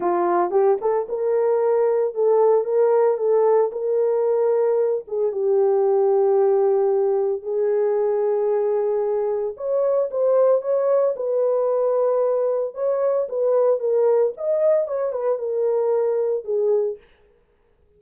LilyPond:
\new Staff \with { instrumentName = "horn" } { \time 4/4 \tempo 4 = 113 f'4 g'8 a'8 ais'2 | a'4 ais'4 a'4 ais'4~ | ais'4. gis'8 g'2~ | g'2 gis'2~ |
gis'2 cis''4 c''4 | cis''4 b'2. | cis''4 b'4 ais'4 dis''4 | cis''8 b'8 ais'2 gis'4 | }